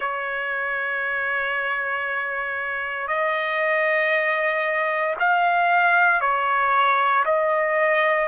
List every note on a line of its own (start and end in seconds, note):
0.00 3.08 C#5
3.08 5.14 D#5
5.20 6.20 F5
6.20 7.24 C#5
7.25 8.28 D#5